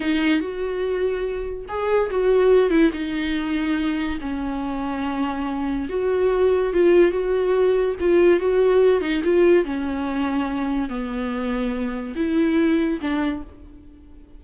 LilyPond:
\new Staff \with { instrumentName = "viola" } { \time 4/4 \tempo 4 = 143 dis'4 fis'2. | gis'4 fis'4. e'8 dis'4~ | dis'2 cis'2~ | cis'2 fis'2 |
f'4 fis'2 f'4 | fis'4. dis'8 f'4 cis'4~ | cis'2 b2~ | b4 e'2 d'4 | }